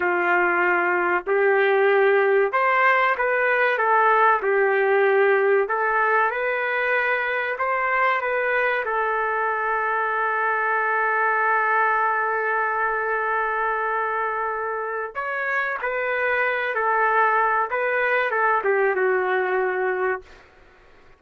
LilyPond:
\new Staff \with { instrumentName = "trumpet" } { \time 4/4 \tempo 4 = 95 f'2 g'2 | c''4 b'4 a'4 g'4~ | g'4 a'4 b'2 | c''4 b'4 a'2~ |
a'1~ | a'1 | cis''4 b'4. a'4. | b'4 a'8 g'8 fis'2 | }